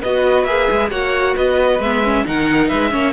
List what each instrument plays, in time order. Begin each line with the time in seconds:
0.00 cello B3, viola F#4, violin B4 D#5
0.44 cello A#3, viola G#4, violin E5
0.71 cello G#3
0.90 cello A#3, viola F#4, violin C#5 F#5
1.35 cello B3, violin B4 D#5
1.79 cello G#3, viola B3, violin E5
2.03 viola C#4
2.25 cello D#3, viola D#4, violin A#4 F#5
2.68 cello G#3, violin B4 E5
2.91 cello A#3, viola C#4, violin C#5